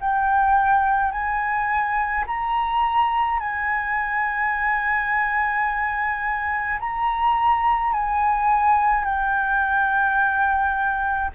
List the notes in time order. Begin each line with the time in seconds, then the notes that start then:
0.00 G5
1.12 G#5
2.27 A#5
3.40 G#5
6.79 A#5
7.93 G#5
9.05 G5